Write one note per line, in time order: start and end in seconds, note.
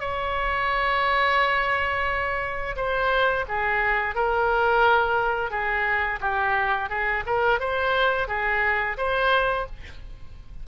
0.00 2.76 C#5
2.76 3.45 C5
3.48 4.15 G#4
4.15 5.51 A#4
5.51 6.20 G#4
6.21 6.89 G4
6.89 7.24 G#4
7.26 7.60 A#4
7.60 8.28 C5
8.28 8.97 G#4
8.97 9.66 C5